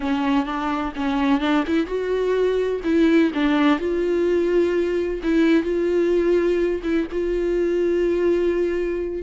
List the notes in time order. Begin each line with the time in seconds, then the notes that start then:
0.00 C#4
0.45 D4
0.95 C#4
1.40 D4
1.67 E4
1.86 F#4
2.84 E4
3.34 D4
3.79 F4
5.23 E4
5.63 F4
6.83 E4
7.11 F4